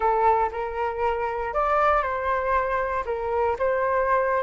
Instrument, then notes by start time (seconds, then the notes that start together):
flute
0.00 A4
0.52 A#4
1.53 D5
2.02 C5
3.05 A#4
3.58 C5